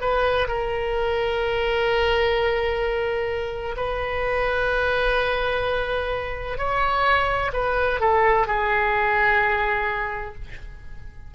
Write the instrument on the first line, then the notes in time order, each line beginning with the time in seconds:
oboe
0.00 B4
0.47 A#4
3.76 B4
6.58 C#5
7.53 B4
8.00 A4
8.47 G#4